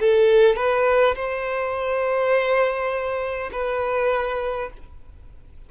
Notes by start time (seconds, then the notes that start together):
0.00 A4
0.56 B4
1.16 C5
3.52 B4